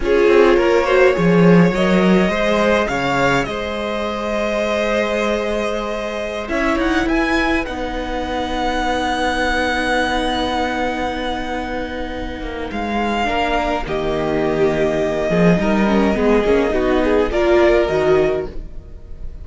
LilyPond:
<<
  \new Staff \with { instrumentName = "violin" } { \time 4/4 \tempo 4 = 104 cis''2. dis''4~ | dis''4 f''4 dis''2~ | dis''2.~ dis''16 e''8 fis''16~ | fis''16 gis''4 fis''2~ fis''8.~ |
fis''1~ | fis''2 f''2 | dis''1~ | dis''2 d''4 dis''4 | }
  \new Staff \with { instrumentName = "violin" } { \time 4/4 gis'4 ais'8 c''8 cis''2 | c''4 cis''4 c''2~ | c''2.~ c''16 cis''8.~ | cis''16 b'2.~ b'8.~ |
b'1~ | b'2. ais'4 | g'2~ g'8 gis'8 ais'4 | gis'4 fis'8 gis'8 ais'2 | }
  \new Staff \with { instrumentName = "viola" } { \time 4/4 f'4. fis'8 gis'4 ais'4 | gis'1~ | gis'2.~ gis'16 e'8.~ | e'4~ e'16 dis'2~ dis'8.~ |
dis'1~ | dis'2. d'4 | ais2. dis'8 cis'8 | b8 cis'8 dis'4 f'4 fis'4 | }
  \new Staff \with { instrumentName = "cello" } { \time 4/4 cis'8 c'8 ais4 f4 fis4 | gis4 cis4 gis2~ | gis2.~ gis16 cis'8 dis'16~ | dis'16 e'4 b2~ b8.~ |
b1~ | b4. ais8 gis4 ais4 | dis2~ dis8 f8 g4 | gis8 ais8 b4 ais4 dis4 | }
>>